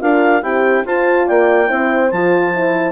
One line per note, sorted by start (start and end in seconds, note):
0.00 0.43 D4
0.00 0.42 F4
0.00 0.43 A#4
0.00 0.43 F5
0.43 0.86 C4
0.43 0.85 E4
0.43 0.85 G4
0.43 0.85 G5
0.85 1.27 F4
0.85 1.67 F4
0.85 1.26 C5
0.85 1.28 A5
1.26 1.70 A#3
1.26 1.68 D5
1.26 2.11 G5
1.67 2.12 C4
1.67 2.09 E4
1.67 2.92 C5
2.11 2.92 F3
2.11 2.54 F4
2.11 2.92 A5
2.54 2.92 E4